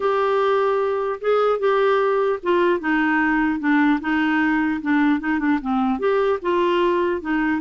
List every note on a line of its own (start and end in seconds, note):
0.00 1.19 G4
1.20 1.59 G#4
1.59 2.39 G4
2.43 2.79 F4
2.79 3.59 D#4
3.59 3.99 D4
4.00 4.80 D#4
4.81 5.20 D4
5.20 5.39 D#4
5.39 5.59 D4
5.61 5.99 C4
5.99 6.39 G4
6.42 7.21 F4
7.21 7.61 D#4